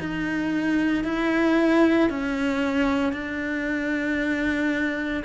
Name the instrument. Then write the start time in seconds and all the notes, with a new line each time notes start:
cello
0.00 D#4
1.04 E4
2.10 C#4
3.12 D4